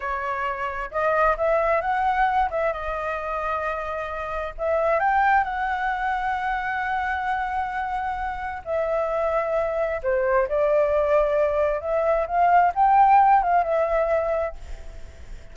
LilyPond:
\new Staff \with { instrumentName = "flute" } { \time 4/4 \tempo 4 = 132 cis''2 dis''4 e''4 | fis''4. e''8 dis''2~ | dis''2 e''4 g''4 | fis''1~ |
fis''2. e''4~ | e''2 c''4 d''4~ | d''2 e''4 f''4 | g''4. f''8 e''2 | }